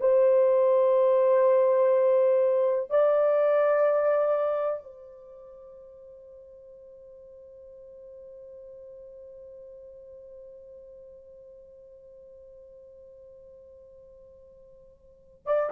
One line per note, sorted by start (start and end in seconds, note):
0.00 2.90 C5
2.90 4.84 D5
4.84 15.46 C5
15.46 15.70 D5